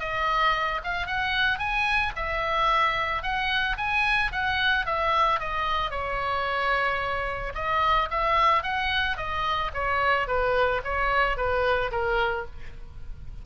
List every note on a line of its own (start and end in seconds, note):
0.00 0.81 D#5
0.84 1.07 F5
1.07 1.58 F#5
1.58 2.13 G#5
2.16 3.23 E5
3.23 3.77 F#5
3.77 4.31 G#5
4.32 4.86 F#5
4.86 5.40 E5
5.40 5.91 D#5
5.91 7.53 C#5
7.55 8.09 D#5
8.11 8.63 E5
8.63 9.17 F#5
9.17 9.71 D#5
9.74 10.27 C#5
10.27 10.81 B4
10.85 11.37 C#5
11.37 11.91 B4
11.92 12.46 A#4